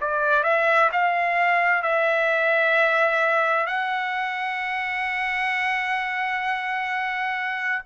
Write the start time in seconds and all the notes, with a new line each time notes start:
0.00 D5
0.43 E5
0.92 F5
1.82 E5
3.66 F#5